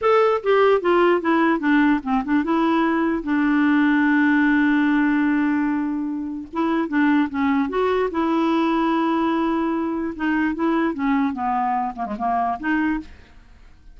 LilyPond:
\new Staff \with { instrumentName = "clarinet" } { \time 4/4 \tempo 4 = 148 a'4 g'4 f'4 e'4 | d'4 c'8 d'8 e'2 | d'1~ | d'1 |
e'4 d'4 cis'4 fis'4 | e'1~ | e'4 dis'4 e'4 cis'4 | b4. ais16 gis16 ais4 dis'4 | }